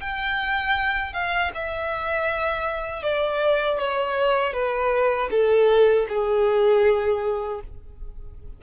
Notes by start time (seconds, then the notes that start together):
0.00 G5
1.13 F5
1.55 E5
3.03 D5
3.79 C#5
4.53 B4
5.31 A4
6.09 G#4